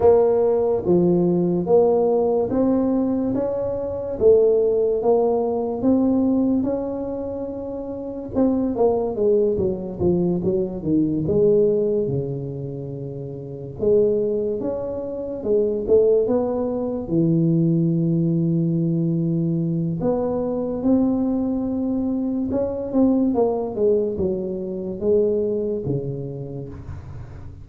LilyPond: \new Staff \with { instrumentName = "tuba" } { \time 4/4 \tempo 4 = 72 ais4 f4 ais4 c'4 | cis'4 a4 ais4 c'4 | cis'2 c'8 ais8 gis8 fis8 | f8 fis8 dis8 gis4 cis4.~ |
cis8 gis4 cis'4 gis8 a8 b8~ | b8 e2.~ e8 | b4 c'2 cis'8 c'8 | ais8 gis8 fis4 gis4 cis4 | }